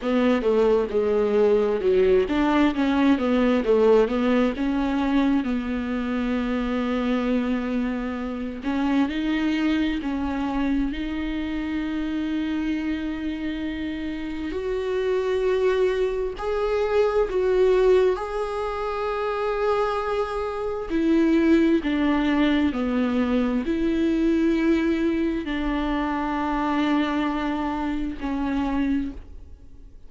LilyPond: \new Staff \with { instrumentName = "viola" } { \time 4/4 \tempo 4 = 66 b8 a8 gis4 fis8 d'8 cis'8 b8 | a8 b8 cis'4 b2~ | b4. cis'8 dis'4 cis'4 | dis'1 |
fis'2 gis'4 fis'4 | gis'2. e'4 | d'4 b4 e'2 | d'2. cis'4 | }